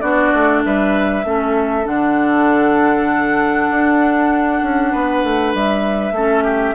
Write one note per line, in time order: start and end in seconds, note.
0.00 0.33 B3
0.00 1.24 D4
0.00 0.62 F#4
0.00 0.61 D5
0.33 0.64 A3
0.65 1.24 G3
0.65 1.26 B4
0.65 1.86 E5
1.24 1.85 A3
1.24 1.83 C#4
1.24 4.91 A4
1.83 3.70 D3
1.83 6.12 D4
1.83 5.54 F#5
3.70 4.61 D4
4.62 4.92 C#4
4.91 5.23 B3
4.91 6.13 B4
5.23 5.54 A3
5.54 6.11 G3
5.54 6.74 E5
6.11 6.73 A3
6.11 6.74 C#4
6.11 6.43 A4
6.43 6.74 G4